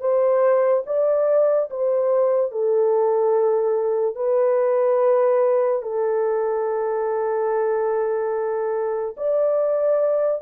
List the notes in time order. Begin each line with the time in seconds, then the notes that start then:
0.00 C5
0.86 D5
1.70 C5
2.52 A4
4.15 B4
5.82 A4
9.17 D5